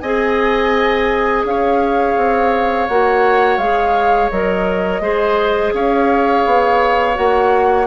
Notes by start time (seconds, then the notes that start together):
0.00 C4 G#4 D#5 G#5
1.44 C#4 C#5 F5
2.17 C4
2.88 A#3 F#4 F#5
3.58 G#3 G#4 F5
4.31 F#3 A#4 D#5
5.00 G#3 G#4 C5
5.74 C#4 C#5 F5
6.46 B3
7.14 A#3 F#4 F#5